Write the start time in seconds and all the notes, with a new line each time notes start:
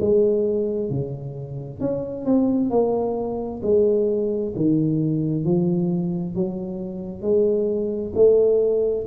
0.00 G#3
0.90 C#3
1.80 C#4
2.25 C4
2.70 A#3
3.62 G#3
4.55 D#3
5.45 F3
6.35 F#3
7.21 G#3
8.15 A3